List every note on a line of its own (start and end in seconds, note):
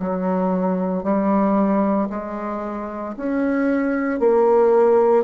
0.00 1.04 F#3
1.04 2.09 G3
2.10 3.15 G#3
3.17 4.20 C#4
4.20 5.24 A#3